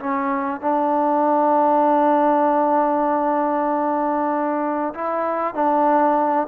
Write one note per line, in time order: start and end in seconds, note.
0.00 0.61 C#4
0.61 4.94 D4
4.95 5.55 E4
5.55 6.48 D4